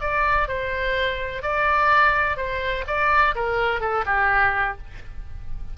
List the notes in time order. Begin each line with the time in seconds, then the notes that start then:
0.00 D5
0.48 C5
1.42 D5
2.36 C5
2.87 D5
3.35 A#4
3.80 A4
4.06 G4